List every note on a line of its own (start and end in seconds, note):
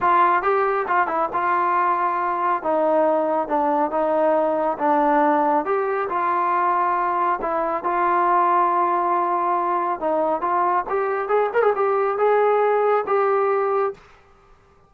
0.00 0.42 F4
0.42 0.86 G4
0.87 1.07 F4
1.07 1.29 E4
1.33 2.63 F4
2.63 3.47 D#4
3.47 3.90 D4
3.90 4.77 D#4
4.78 5.65 D4
5.65 6.08 G4
6.09 7.39 F4
7.41 7.83 E4
7.83 9.99 F4
9.99 10.41 D#4
10.41 10.84 F4
10.89 11.28 G4
11.28 11.50 G#4
11.53 11.62 A#4
11.62 11.73 G#4
11.75 12.17 G4
12.17 13.04 G#4
13.07 13.93 G4